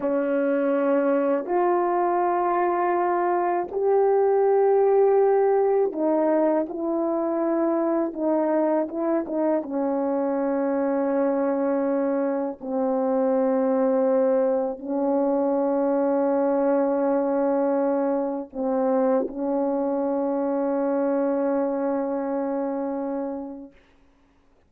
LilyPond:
\new Staff \with { instrumentName = "horn" } { \time 4/4 \tempo 4 = 81 cis'2 f'2~ | f'4 g'2. | dis'4 e'2 dis'4 | e'8 dis'8 cis'2.~ |
cis'4 c'2. | cis'1~ | cis'4 c'4 cis'2~ | cis'1 | }